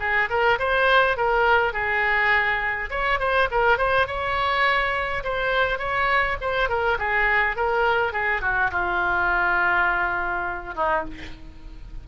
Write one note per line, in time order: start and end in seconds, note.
0.00 0.29 G#4
0.30 0.59 A#4
0.59 1.17 C5
1.17 1.73 A#4
1.73 2.90 G#4
2.90 3.19 C#5
3.20 3.49 C5
3.51 3.78 A#4
3.78 4.07 C5
4.07 5.23 C#5
5.24 5.79 C5
5.79 6.37 C#5
6.41 6.69 C5
6.69 6.98 A#4
6.98 7.56 G#4
7.56 8.13 A#4
8.13 8.41 G#4
8.41 8.71 F#4
8.71 10.75 F4
10.75 11.04 D#4